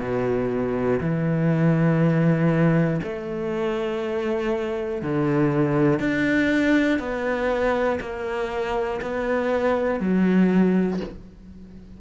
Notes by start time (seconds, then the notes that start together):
0.00 B2
1.01 E3
3.04 A3
5.03 D3
6.00 D4
7.00 B3
8.01 A#3
9.02 B3
10.01 F#3